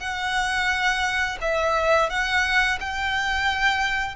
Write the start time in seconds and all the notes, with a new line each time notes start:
0.00 F#5
1.41 E5
2.10 F#5
2.81 G5